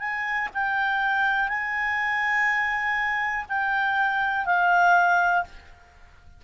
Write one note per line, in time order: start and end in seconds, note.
0.00 0.49 G#5
0.55 1.48 G5
1.48 3.45 G#5
3.49 4.46 G5
4.46 5.44 F5